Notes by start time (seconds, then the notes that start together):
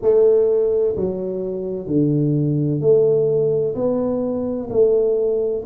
0.02 A3
0.96 F#3
1.87 D3
2.80 A3
3.75 B3
4.70 A3